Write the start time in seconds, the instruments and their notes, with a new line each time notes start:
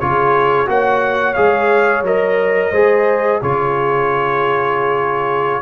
0.00 tuba C#3, trombone F4, horn G#4, trumpet C#5
0.67 tuba A#3, trombone F#4, horn C#5, trumpet F#5
1.34 tuba G#3, trombone G#4, trumpet F5
2.03 tuba F#3, trombone A#4, trumpet D#5
2.72 tuba G#3, trombone G#4, horn C5
3.42 tuba C#3, trombone F4, horn G#4, trumpet C#5